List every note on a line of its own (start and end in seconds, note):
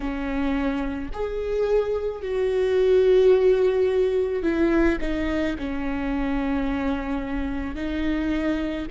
0.00 1.10 C#4
1.13 2.22 G#4
2.22 4.42 F#4
4.42 4.98 E4
5.01 5.56 D#4
5.58 7.75 C#4
7.75 8.86 D#4